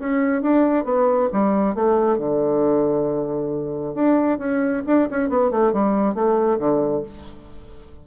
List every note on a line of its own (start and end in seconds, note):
0.00 0.43 C#4
0.43 0.85 D4
0.85 1.29 B3
1.33 1.75 G3
1.75 2.18 A3
2.18 3.94 D3
3.94 4.39 D4
4.39 4.83 C#4
4.87 5.09 D4
5.11 5.29 C#4
5.29 5.51 B3
5.51 5.73 A3
5.73 6.15 G3
6.15 6.59 A3
6.59 7.03 D3